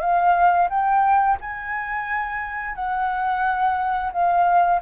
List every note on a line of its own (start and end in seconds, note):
0.00 0.68 F5
0.69 1.37 G5
1.40 2.75 G#5
2.75 4.11 F#5
4.12 4.80 F5